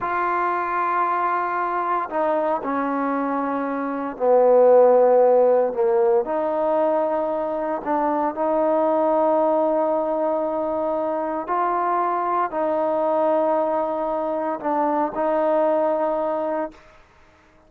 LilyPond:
\new Staff \with { instrumentName = "trombone" } { \time 4/4 \tempo 4 = 115 f'1 | dis'4 cis'2. | b2. ais4 | dis'2. d'4 |
dis'1~ | dis'2 f'2 | dis'1 | d'4 dis'2. | }